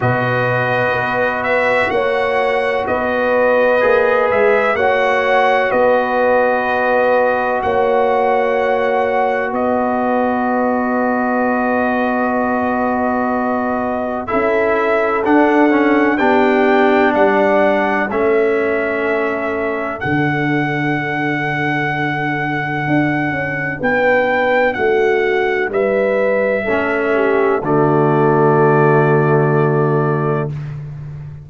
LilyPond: <<
  \new Staff \with { instrumentName = "trumpet" } { \time 4/4 \tempo 4 = 63 dis''4. e''8 fis''4 dis''4~ | dis''8 e''8 fis''4 dis''2 | fis''2 dis''2~ | dis''2. e''4 |
fis''4 g''4 fis''4 e''4~ | e''4 fis''2.~ | fis''4 g''4 fis''4 e''4~ | e''4 d''2. | }
  \new Staff \with { instrumentName = "horn" } { \time 4/4 b'2 cis''4 b'4~ | b'4 cis''4 b'2 | cis''2 b'2~ | b'2. a'4~ |
a'4 g'4 d''4 a'4~ | a'1~ | a'4 b'4 fis'4 b'4 | a'8 g'8 fis'2. | }
  \new Staff \with { instrumentName = "trombone" } { \time 4/4 fis'1 | gis'4 fis'2.~ | fis'1~ | fis'2. e'4 |
d'8 cis'8 d'2 cis'4~ | cis'4 d'2.~ | d'1 | cis'4 a2. | }
  \new Staff \with { instrumentName = "tuba" } { \time 4/4 b,4 b4 ais4 b4 | ais8 gis8 ais4 b2 | ais2 b2~ | b2. cis'4 |
d'4 b4 g4 a4~ | a4 d2. | d'8 cis'8 b4 a4 g4 | a4 d2. | }
>>